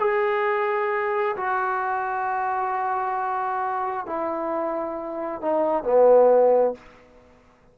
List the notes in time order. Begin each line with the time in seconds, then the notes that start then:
0.00 G#4
1.37 F#4
4.07 E4
5.42 D#4
5.84 B3